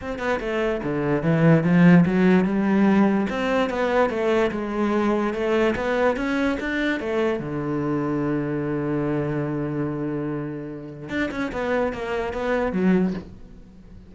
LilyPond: \new Staff \with { instrumentName = "cello" } { \time 4/4 \tempo 4 = 146 c'8 b8 a4 d4 e4 | f4 fis4 g2 | c'4 b4 a4 gis4~ | gis4 a4 b4 cis'4 |
d'4 a4 d2~ | d1~ | d2. d'8 cis'8 | b4 ais4 b4 fis4 | }